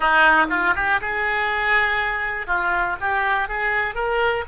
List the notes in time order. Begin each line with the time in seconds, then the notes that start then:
0.00 D#4
0.49 F4
0.75 G4
1.01 G#4
2.47 F4
3.00 G4
3.48 G#4
3.94 A#4